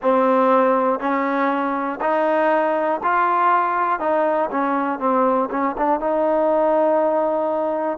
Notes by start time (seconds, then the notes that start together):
0.01 C4
0.99 C#4
2.00 D#4
3.03 F4
4.00 D#4
4.50 C#4
4.99 C4
5.50 C#4
5.77 D4
6.00 D#4